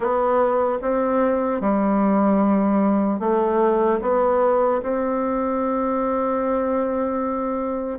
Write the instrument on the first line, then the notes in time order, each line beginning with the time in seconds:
bassoon
0.00 B3
0.81 C4
1.60 G3
3.19 A3
4.01 B3
4.82 C4